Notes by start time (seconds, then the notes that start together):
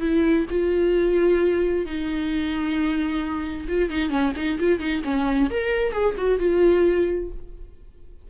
0.00 E4
0.50 F4
1.86 D#4
3.68 F4
3.90 D#4
4.10 C#4
4.36 D#4
4.59 F4
4.79 D#4
5.04 C#4
5.50 A#4
5.92 G#4
6.17 F#4
6.39 F4